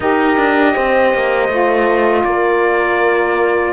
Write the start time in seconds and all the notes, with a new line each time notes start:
0.00 D#4 G4 A#4 D#5
0.37 D4
0.73 C4 C5
1.13 A#3
1.48 A3 F4
2.24 A#3 A#4 D5